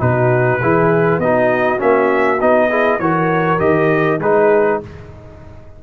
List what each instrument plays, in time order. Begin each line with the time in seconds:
0.00 tuba B2, trombone D#4, horn F#4, trumpet B4
0.60 tuba E3, trombone E4, horn G#4
1.18 tuba B3, trombone D#4, horn F#4, trumpet D#5
1.78 tuba A#3, trombone C#4, trumpet E5
2.40 tuba B3, trombone D#4, trumpet D#5
2.69 trombone E4, horn G#4
2.99 tuba E3, trombone F#4, horn A#4, trumpet C#5
3.59 tuba D#3, trombone G4, trumpet D#5
4.19 tuba G#3, trombone D#4, horn G#4, trumpet B4